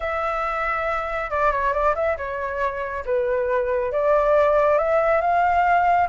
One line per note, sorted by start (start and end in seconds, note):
0.00 1.30 E5
1.30 1.51 D5
1.51 1.73 C#5
1.73 1.94 D5
1.95 2.16 E5
2.17 3.04 C#5
3.05 3.92 B4
3.92 4.77 D5
4.77 5.21 E5
5.21 6.08 F5